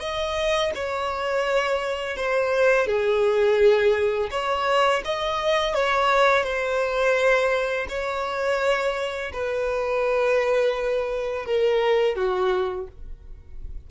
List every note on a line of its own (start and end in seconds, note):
0.00 0.71 D#5
0.75 2.16 C#5
2.16 2.86 C5
2.86 4.29 G#4
4.31 5.02 C#5
5.05 5.74 D#5
5.74 6.44 C#5
6.44 7.86 C5
7.89 9.31 C#5
9.33 11.45 B4
11.45 12.16 A#4
12.16 12.87 F#4